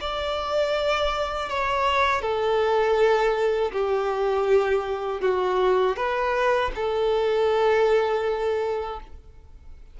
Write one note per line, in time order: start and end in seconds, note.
0.00 1.49 D5
1.49 2.21 C#5
2.21 3.71 A4
3.72 5.21 G4
5.21 5.96 F#4
5.96 6.71 B4
6.75 9.00 A4